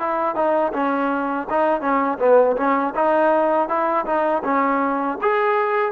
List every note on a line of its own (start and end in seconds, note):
0.00 0.36 E4
0.36 0.73 D#4
0.74 1.48 C#4
1.50 1.82 D#4
1.82 2.19 C#4
2.20 2.57 B3
2.57 2.94 C#4
2.95 3.69 D#4
3.69 4.06 E4
4.06 4.43 D#4
4.44 5.19 C#4
5.22 5.92 G#4